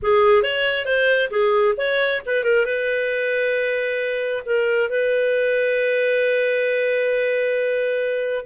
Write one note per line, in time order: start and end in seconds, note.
0.02 0.42 G#4
0.42 0.85 C#5
0.85 1.29 C5
1.30 1.75 G#4
1.77 2.21 C#5
2.25 2.43 B4
2.43 2.65 A#4
2.65 4.43 B4
4.45 4.89 A#4
4.89 8.45 B4